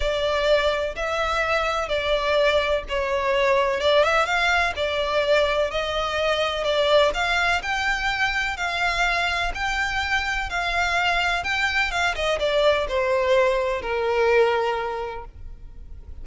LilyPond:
\new Staff \with { instrumentName = "violin" } { \time 4/4 \tempo 4 = 126 d''2 e''2 | d''2 cis''2 | d''8 e''8 f''4 d''2 | dis''2 d''4 f''4 |
g''2 f''2 | g''2 f''2 | g''4 f''8 dis''8 d''4 c''4~ | c''4 ais'2. | }